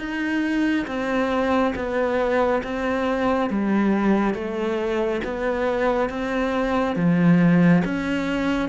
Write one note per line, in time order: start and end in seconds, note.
0.00 0.87 D#4
0.87 1.74 C4
1.76 2.63 B3
2.64 3.50 C4
3.50 4.34 G3
4.34 5.21 A3
5.25 6.10 B3
6.10 6.96 C4
6.96 7.83 F3
7.85 8.69 C#4